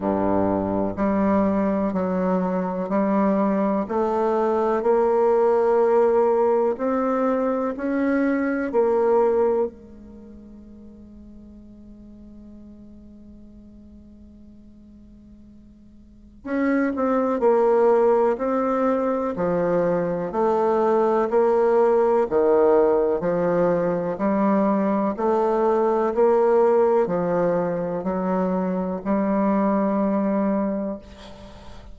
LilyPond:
\new Staff \with { instrumentName = "bassoon" } { \time 4/4 \tempo 4 = 62 g,4 g4 fis4 g4 | a4 ais2 c'4 | cis'4 ais4 gis2~ | gis1~ |
gis4 cis'8 c'8 ais4 c'4 | f4 a4 ais4 dis4 | f4 g4 a4 ais4 | f4 fis4 g2 | }